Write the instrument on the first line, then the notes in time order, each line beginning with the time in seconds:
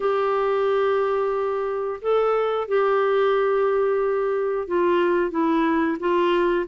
clarinet
0.00 G4
2.01 A4
2.68 G4
4.67 F4
5.31 E4
5.99 F4